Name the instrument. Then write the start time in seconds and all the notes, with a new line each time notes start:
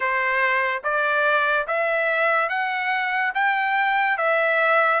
trumpet
0.00 C5
0.83 D5
1.67 E5
2.48 F#5
3.34 G5
4.17 E5